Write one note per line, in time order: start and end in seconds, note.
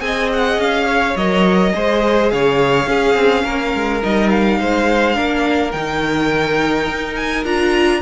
0.00 0.58 C4
0.00 1.14 G#4
0.00 0.85 D#5
0.00 0.30 G#5
0.33 0.61 F#5
0.58 1.15 C#4
0.58 1.17 F5
0.85 1.71 C#5
1.16 1.74 F#3
1.16 1.74 A#4
1.16 2.32 D#5
1.74 2.32 G#3
1.74 2.88 G#4
1.74 2.33 C5
2.32 2.87 C#3
2.32 2.89 C#5
2.32 4.03 F5
2.87 3.15 C#4
2.87 4.02 C#4
2.87 3.45 G#4
3.15 3.44 C4
3.45 3.74 A#3
3.45 4.59 A#4
3.75 4.03 G#3
4.03 4.61 G3
4.03 5.14 D#4
4.03 4.30 D#5
4.30 5.72 F5
4.60 5.18 G#3
4.60 5.16 C5
5.14 5.74 A#3
5.14 5.72 D4
5.14 8.02 A#4
5.72 6.88 D#3
5.72 7.45 D#4
5.72 7.15 G5
6.88 7.45 D#4
7.16 7.45 G#5
7.45 8.02 D4
7.45 8.02 F4
7.45 8.02 A#5